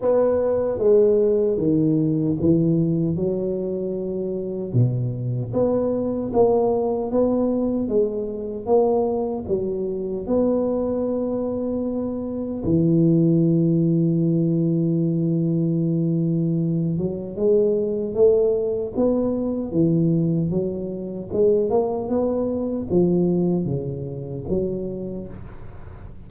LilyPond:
\new Staff \with { instrumentName = "tuba" } { \time 4/4 \tempo 4 = 76 b4 gis4 dis4 e4 | fis2 b,4 b4 | ais4 b4 gis4 ais4 | fis4 b2. |
e1~ | e4. fis8 gis4 a4 | b4 e4 fis4 gis8 ais8 | b4 f4 cis4 fis4 | }